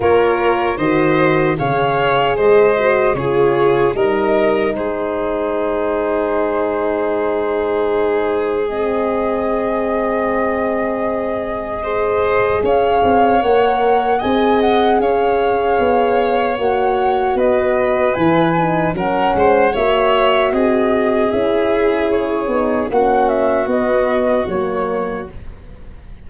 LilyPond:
<<
  \new Staff \with { instrumentName = "flute" } { \time 4/4 \tempo 4 = 76 cis''4 dis''4 f''4 dis''4 | cis''4 dis''4 c''2~ | c''2. dis''4~ | dis''1 |
f''4 fis''4 gis''8 fis''8 f''4~ | f''4 fis''4 dis''4 gis''4 | fis''4 e''4 dis''4 e''4 | cis''4 fis''8 e''8 dis''4 cis''4 | }
  \new Staff \with { instrumentName = "violin" } { \time 4/4 ais'4 c''4 cis''4 c''4 | gis'4 ais'4 gis'2~ | gis'1~ | gis'2. c''4 |
cis''2 dis''4 cis''4~ | cis''2 b'2 | ais'8 c''8 cis''4 gis'2~ | gis'4 fis'2. | }
  \new Staff \with { instrumentName = "horn" } { \time 4/4 f'4 fis'4 gis'4. fis'8 | f'4 dis'2.~ | dis'2. c'4~ | c'2. gis'4~ |
gis'4 ais'4 gis'2~ | gis'4 fis'2 e'8 dis'8 | cis'4 fis'2 e'4~ | e'8 dis'8 cis'4 b4 ais4 | }
  \new Staff \with { instrumentName = "tuba" } { \time 4/4 ais4 dis4 cis4 gis4 | cis4 g4 gis2~ | gis1~ | gis1 |
cis'8 c'8 ais4 c'4 cis'4 | b4 ais4 b4 e4 | fis8 gis8 ais4 c'4 cis'4~ | cis'8 b8 ais4 b4 fis4 | }
>>